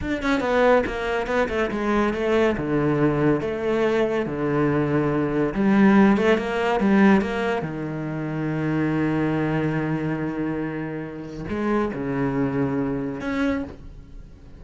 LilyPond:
\new Staff \with { instrumentName = "cello" } { \time 4/4 \tempo 4 = 141 d'8 cis'8 b4 ais4 b8 a8 | gis4 a4 d2 | a2 d2~ | d4 g4. a8 ais4 |
g4 ais4 dis2~ | dis1~ | dis2. gis4 | cis2. cis'4 | }